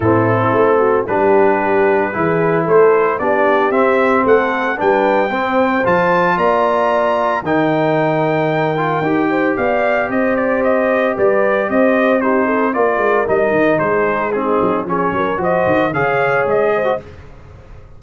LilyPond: <<
  \new Staff \with { instrumentName = "trumpet" } { \time 4/4 \tempo 4 = 113 a'2 b'2~ | b'4 c''4 d''4 e''4 | fis''4 g''2 a''4 | ais''2 g''2~ |
g''2 f''4 dis''8 d''8 | dis''4 d''4 dis''4 c''4 | d''4 dis''4 c''4 gis'4 | cis''4 dis''4 f''4 dis''4 | }
  \new Staff \with { instrumentName = "horn" } { \time 4/4 e'4. fis'8 g'2 | gis'4 a'4 g'2 | a'4 b'4 c''2 | d''2 ais'2~ |
ais'4. c''8 d''4 c''4~ | c''4 b'4 c''4 g'8 a'8 | ais'2 gis'4 dis'4 | gis'8 ais'8 c''4 cis''4. c''8 | }
  \new Staff \with { instrumentName = "trombone" } { \time 4/4 c'2 d'2 | e'2 d'4 c'4~ | c'4 d'4 c'4 f'4~ | f'2 dis'2~ |
dis'8 f'8 g'2.~ | g'2. dis'4 | f'4 dis'2 c'4 | cis'4 fis'4 gis'4.~ gis'16 fis'16 | }
  \new Staff \with { instrumentName = "tuba" } { \time 4/4 a,4 a4 g2 | e4 a4 b4 c'4 | a4 g4 c'4 f4 | ais2 dis2~ |
dis4 dis'4 b4 c'4~ | c'4 g4 c'2 | ais8 gis8 g8 dis8 gis4. fis8 | f8 fis8 f8 dis8 cis4 gis4 | }
>>